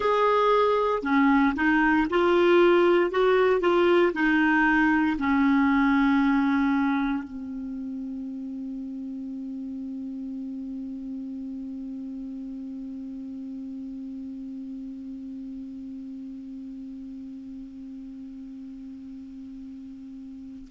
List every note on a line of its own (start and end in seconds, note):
0.00 1.02 G#4
1.02 1.54 C#4
1.55 2.07 D#4
2.10 3.10 F4
3.10 3.60 F#4
3.60 4.12 F4
4.13 5.17 D#4
5.18 7.23 C#4
7.23 20.68 C4